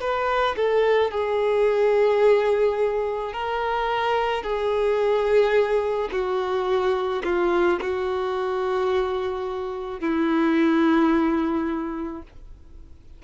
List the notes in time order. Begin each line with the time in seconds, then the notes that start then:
0.00 B4
0.56 A4
1.11 G#4
3.33 A#4
4.42 G#4
6.12 F#4
7.24 F4
7.81 F#4
10.00 E4